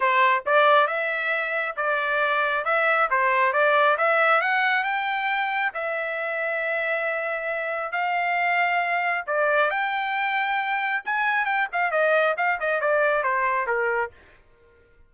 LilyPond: \new Staff \with { instrumentName = "trumpet" } { \time 4/4 \tempo 4 = 136 c''4 d''4 e''2 | d''2 e''4 c''4 | d''4 e''4 fis''4 g''4~ | g''4 e''2.~ |
e''2 f''2~ | f''4 d''4 g''2~ | g''4 gis''4 g''8 f''8 dis''4 | f''8 dis''8 d''4 c''4 ais'4 | }